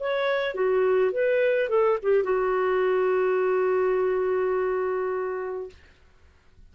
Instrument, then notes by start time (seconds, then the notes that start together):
clarinet
0.00 C#5
0.55 F#4
1.12 B4
1.70 A4
2.03 G4
2.24 F#4